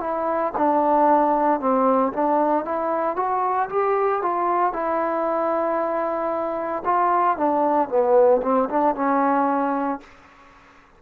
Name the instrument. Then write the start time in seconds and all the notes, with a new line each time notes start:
trombone
0.00 E4
0.57 D4
1.59 C4
2.12 D4
2.65 E4
3.16 F#4
3.69 G4
4.22 F4
4.72 E4
6.85 F4
7.37 D4
7.89 B3
8.42 C4
8.69 D4
8.95 C#4